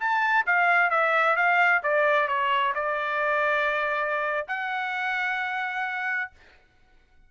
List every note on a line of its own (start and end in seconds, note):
0.00 0.46 A5
0.46 0.91 F5
0.91 1.36 E5
1.36 1.82 F5
1.83 2.28 D5
2.28 2.74 C#5
2.75 4.47 D5
4.48 6.31 F#5